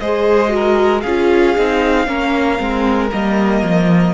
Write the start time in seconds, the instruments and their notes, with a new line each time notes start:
0.00 cello G#3, viola G#4, violin C5 D#5
0.48 viola F#4
0.55 violin A#4
1.01 cello C#4, violin G#4 F5
1.07 viola F4
1.57 cello C4, viola D#4
2.07 cello A#3, viola C#4, violin A#4
2.58 cello G#3, viola C4
3.11 cello G3, viola A#3, violin D#5
3.62 cello F3